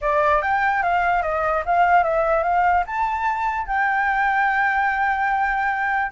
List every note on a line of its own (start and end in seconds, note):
0.01 0.42 D5
0.42 0.82 G5
0.83 1.22 F5
1.22 1.63 D#5
1.65 2.03 F5
2.03 2.43 E5
2.43 2.83 F5
2.86 3.66 A5
3.66 6.11 G5